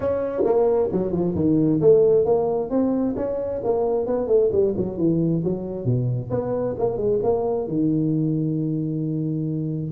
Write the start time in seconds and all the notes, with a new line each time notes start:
0.00 C#4
0.44 A#3
0.92 F#3
1.11 F3
1.35 D#3
1.80 A3
2.25 A#3
2.69 C4
3.16 C#4
3.64 A#3
4.06 B3
4.27 A3
4.52 G3
4.76 F#3
4.97 E3
5.44 F#3
5.85 B2
6.30 B3
6.78 A#3
6.97 G#3
7.23 A#3
7.67 D#3